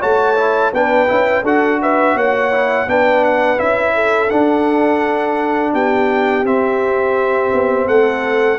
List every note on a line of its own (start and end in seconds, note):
0.00 0.73 A3
0.00 0.36 F#4
0.00 0.72 C#5
0.00 0.74 A5
0.37 0.72 E4
0.73 1.09 B3
0.73 1.08 D4
0.73 1.43 B4
0.73 1.46 G5
1.08 1.43 C#4
1.08 1.43 E4
1.43 2.15 D4
1.43 2.52 F#4
1.43 1.79 A4
1.43 1.82 F#5
1.82 2.15 B4
1.82 2.18 E5
2.15 2.86 A#3
2.15 2.87 C#5
2.15 2.89 F#5
2.52 2.87 E4
2.88 3.59 B3
2.88 3.57 D4
2.88 3.94 B4
2.88 3.25 G5
3.25 3.59 F#5
3.57 4.31 C#4
3.57 4.29 E4
3.57 4.30 E5
3.94 5.73 A4
4.30 5.74 D4
4.30 6.45 D4
4.30 5.73 F#5
5.73 6.43 B3
5.73 7.87 G4
5.73 6.46 G5
6.43 7.50 C4
6.43 8.58 C4
6.43 7.88 E5
7.52 7.88 B3
7.87 8.58 A3
7.87 8.58 A4
7.87 8.58 F#5